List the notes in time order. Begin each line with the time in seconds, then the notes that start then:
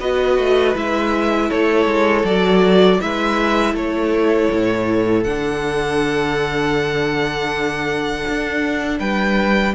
0.00 B3 F#4 B4 D#5
0.38 A3
0.75 G#3 E4 E5
1.49 A3 A4 C#5
1.86 G#3
2.24 F#3 F#4 D5
3.00 G#3 E4 B4 E5
3.74 A3 A4 C#5
4.51 A2
5.24 D3 D4 F#5
8.29 D4
9.00 G3 B4 G5